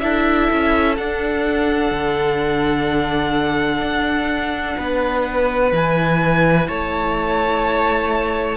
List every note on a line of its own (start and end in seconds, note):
0.00 0.50 D4
0.00 0.97 E4
0.00 4.78 A4
0.00 0.95 E5
0.52 0.99 C#4
0.97 5.72 D4
0.97 1.91 D4
0.97 5.74 F#5
1.91 3.82 D3
3.82 4.77 D4
4.78 5.72 B3
4.78 6.68 B4
5.72 6.68 E3
5.72 8.57 E4
5.72 6.68 G#5
6.68 8.57 A3
6.68 8.57 C#5
6.68 8.57 A5